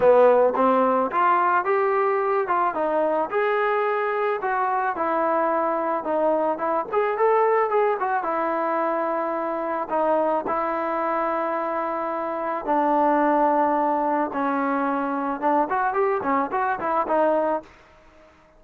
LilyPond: \new Staff \with { instrumentName = "trombone" } { \time 4/4 \tempo 4 = 109 b4 c'4 f'4 g'4~ | g'8 f'8 dis'4 gis'2 | fis'4 e'2 dis'4 | e'8 gis'8 a'4 gis'8 fis'8 e'4~ |
e'2 dis'4 e'4~ | e'2. d'4~ | d'2 cis'2 | d'8 fis'8 g'8 cis'8 fis'8 e'8 dis'4 | }